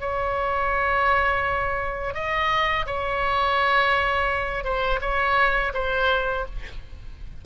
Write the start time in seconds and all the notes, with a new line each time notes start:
0.00 C#5
2.14 D#5
2.86 C#5
4.64 C5
5.01 C#5
5.74 C5